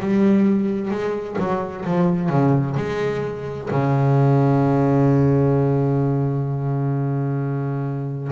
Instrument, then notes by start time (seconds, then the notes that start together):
double bass
0.00 G3
0.90 G#3
1.38 F#3
1.85 F3
2.29 C#3
2.77 G#3
3.70 C#3